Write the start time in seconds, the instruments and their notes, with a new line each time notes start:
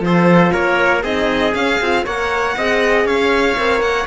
0.00 cello F3, horn F4, trumpet A4, violin C5
0.52 cello A#3, trumpet A#4, violin C#5
1.03 cello C4, horn D#4, trumpet G#4, violin D#5
1.54 horn C#4, cello C#4, violin F5
1.80 cello C4, horn F4
2.04 cello A#3, horn A#4, trumpet C#5, violin F#5
2.57 cello C4, horn G#4, trumpet D#5
3.05 cello C#4, trumpet C#5, violin F5
3.57 cello C4, horn A#4
3.80 cello A#3, violin F#5